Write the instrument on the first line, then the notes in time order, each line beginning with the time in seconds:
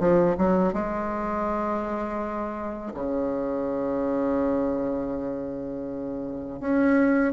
bassoon
0.00 F3
0.38 F#3
0.74 G#3
2.94 C#3
6.60 C#4